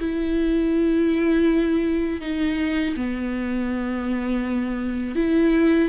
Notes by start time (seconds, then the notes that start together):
0.00 E4
2.22 D#4
2.97 B3
5.15 E4